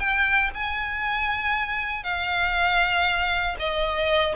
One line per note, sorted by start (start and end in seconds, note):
0.00 0.51 G5
0.55 2.04 G#5
2.04 3.57 F5
3.60 4.36 D#5